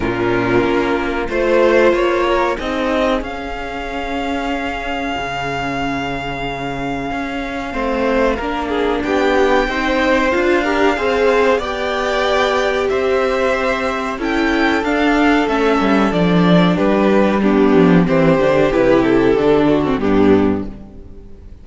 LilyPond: <<
  \new Staff \with { instrumentName = "violin" } { \time 4/4 \tempo 4 = 93 ais'2 c''4 cis''4 | dis''4 f''2.~ | f''1~ | f''2 g''2 |
f''2 g''2 | e''2 g''4 f''4 | e''4 d''4 b'4 g'4 | c''4 b'8 a'4. g'4 | }
  \new Staff \with { instrumentName = "violin" } { \time 4/4 f'2 c''4. ais'8 | gis'1~ | gis'1 | c''4 ais'8 gis'8 g'4 c''4~ |
c''8 ais'8 c''4 d''2 | c''2 a'2~ | a'2 g'4 d'4 | g'2~ g'8 fis'8 d'4 | }
  \new Staff \with { instrumentName = "viola" } { \time 4/4 cis'2 f'2 | dis'4 cis'2.~ | cis'1 | c'4 d'2 dis'4 |
f'8 g'8 gis'4 g'2~ | g'2 e'4 d'4 | cis'4 d'2 b4 | c'8 d'8 e'4 d'8. c'16 b4 | }
  \new Staff \with { instrumentName = "cello" } { \time 4/4 ais,4 ais4 a4 ais4 | c'4 cis'2. | cis2. cis'4 | a4 ais4 b4 c'4 |
d'4 c'4 b2 | c'2 cis'4 d'4 | a8 g8 f4 g4. f8 | e8 d8 c4 d4 g,4 | }
>>